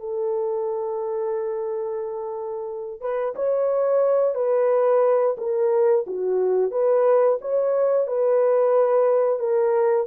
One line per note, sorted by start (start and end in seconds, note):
0.00 3.01 A4
3.01 3.35 B4
3.36 4.35 C#5
4.35 5.36 B4
5.38 6.06 A#4
6.07 6.72 F#4
6.72 7.39 B4
7.42 8.08 C#5
8.08 9.40 B4
9.40 10.07 A#4